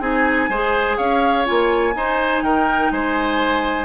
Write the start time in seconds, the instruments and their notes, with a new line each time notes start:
0.00 bassoon C4, clarinet D#4, oboe G#4, flute G#5
0.48 bassoon G#3, clarinet G#4, oboe C5
0.97 bassoon C#4, oboe C#5, flute F5
1.45 bassoon A#3, clarinet F4, flute G#5
1.94 clarinet D#4, bassoon D#4, oboe C5
2.42 bassoon D#3, oboe A#4, flute G5
2.90 bassoon G#3, oboe C5, flute G#5